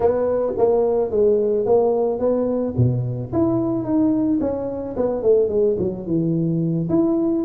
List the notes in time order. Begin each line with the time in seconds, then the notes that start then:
0.00 B3
0.57 A#3
1.10 G#3
1.65 A#3
2.19 B3
2.76 B2
3.33 E4
3.84 D#4
4.40 C#4
4.96 B3
5.22 A3
5.48 G#3
5.78 F#3
6.06 E3
6.89 E4